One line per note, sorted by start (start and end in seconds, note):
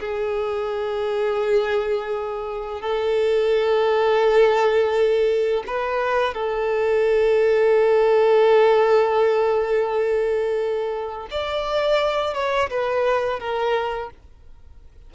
0.00 2.82 G#4
2.82 5.64 A4
5.67 6.34 B4
6.34 11.28 A4
11.31 12.34 D5
12.34 12.70 C#5
12.70 13.40 B4
13.40 14.10 A#4